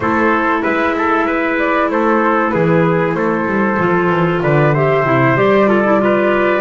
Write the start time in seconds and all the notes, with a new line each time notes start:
0.00 A3 E4 A4 C5
0.62 G#3 B4 E5
0.97 A4
1.26 B4
1.58 D5
1.89 A3 A4 C5
2.49 E3 G#4 B4
3.14 A3 A4 C5
3.46 G3
3.79 F3 F4
4.09 E3
4.42 D3 B4 D5
4.74 G4 C5 E5
5.03 C3 E4
5.34 G3 G4 D5
5.67 F4 A4
5.84 E4
6.00 F4 B4